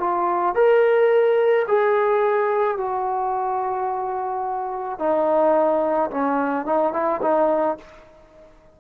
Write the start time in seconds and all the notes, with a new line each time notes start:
0.00 F4
0.55 A#4
1.68 G#4
2.78 F#4
4.99 D#4
6.11 C#4
6.66 D#4
6.93 E4
7.22 D#4